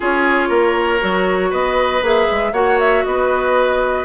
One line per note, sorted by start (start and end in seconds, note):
0.00 0.49 C#4
0.00 1.00 F4
0.00 0.48 G#4
0.00 1.53 C#5
0.48 1.00 A#3
0.48 1.50 A#4
1.00 1.52 F#3
1.00 2.01 F#4
1.50 2.01 B3
1.50 2.51 B4
1.50 2.03 D#5
2.01 2.27 A#3
2.01 2.53 G#4
2.01 2.53 E5
2.30 2.52 G#3
2.52 3.03 A#3
2.52 4.05 F#4
2.52 3.03 C#5
2.52 2.78 F#5
2.79 3.04 E5
3.04 4.05 B3
3.04 4.05 B4
3.04 4.05 D#5